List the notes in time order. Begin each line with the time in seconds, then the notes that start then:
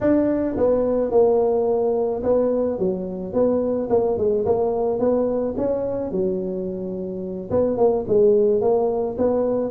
0.00 D4
0.56 B3
1.11 A#3
2.23 B3
2.78 F#3
3.33 B3
3.89 A#3
4.17 G#3
4.45 A#3
4.99 B3
5.57 C#4
6.11 F#3
7.50 B3
7.77 A#3
8.07 G#3
8.61 A#3
9.17 B3